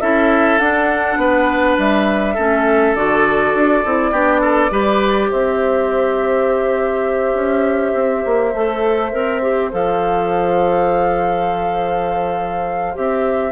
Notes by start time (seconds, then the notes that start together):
0.00 C#4 E4 A4 E5
0.58 D4 F#5
1.17 B3 B4
1.78 G3 E5
2.34 A3 C#4 A4
2.95 D3 F#4 D5
3.54 D4
3.85 C4 E4
4.12 B3 D4 G4
4.41 A4
4.70 G3 G4 B4
5.29 C4 C5 E5
7.34 C#4
7.94 C4
8.25 A#3
8.54 A3 A4
9.12 C4 A#4
9.42 G4
9.71 F3 A4 F5
12.94 C4 G4 E5